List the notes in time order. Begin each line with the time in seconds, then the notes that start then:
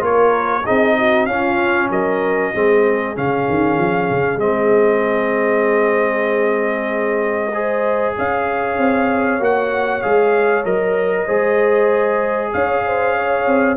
0.00 A#3 F4 A#4 C#5
0.64 C4 D#4 G#4 D#5
0.98 F#4
1.26 C#4 F4 F5
1.90 F#3 A#4 D#5
2.53 G#3 C4 G#4
3.15 C#3 C#4 F5
3.49 D#3
3.79 F3
4.10 C#3
4.36 G#3 C4 D#5
7.54 G#4 C5
8.18 C#4 C#5 F5
8.78 C4
9.40 A#3 F#4 F#5
10.02 G#3 G#4 F5
10.64 F#3 A#4 D#5
11.25 G#3 G#4 C5
12.53 C#4 C#5 F5
12.86 C5
13.17 C#5
13.47 C4